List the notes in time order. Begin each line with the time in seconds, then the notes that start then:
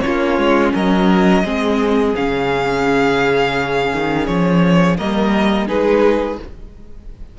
0.00 C#4 F4 C#5
0.06 A#3
0.38 G#3
0.73 F#3 A#4 D#5
1.44 G#3 C4 G#4
2.15 C#3 C#4 F5
3.92 D#3
4.26 F3 C#5
4.97 G3 A#3 A#4 D#5
5.67 G#3 D#4 G#4 B4